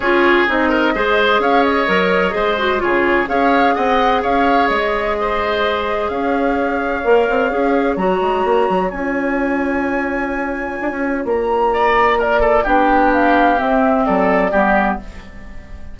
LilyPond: <<
  \new Staff \with { instrumentName = "flute" } { \time 4/4 \tempo 4 = 128 cis''4 dis''2 f''8 dis''8~ | dis''2 cis''4 f''4 | fis''4 f''4 dis''2~ | dis''4 f''2.~ |
f''4 ais''2 gis''4~ | gis''1 | ais''2 d''4 g''4 | f''4 e''4 d''2 | }
  \new Staff \with { instrumentName = "oboe" } { \time 4/4 gis'4. ais'8 c''4 cis''4~ | cis''4 c''4 gis'4 cis''4 | dis''4 cis''2 c''4~ | c''4 cis''2.~ |
cis''1~ | cis''1~ | cis''4 d''4 ais'8 a'8 g'4~ | g'2 a'4 g'4 | }
  \new Staff \with { instrumentName = "clarinet" } { \time 4/4 f'4 dis'4 gis'2 | ais'4 gis'8 fis'8 f'4 gis'4~ | gis'1~ | gis'2. ais'4 |
gis'4 fis'2 f'4~ | f'1~ | f'2. d'4~ | d'4 c'2 b4 | }
  \new Staff \with { instrumentName = "bassoon" } { \time 4/4 cis'4 c'4 gis4 cis'4 | fis4 gis4 cis4 cis'4 | c'4 cis'4 gis2~ | gis4 cis'2 ais8 c'8 |
cis'4 fis8 gis8 ais8 fis8 cis'4~ | cis'2. d'16 cis'8. | ais2. b4~ | b4 c'4 fis4 g4 | }
>>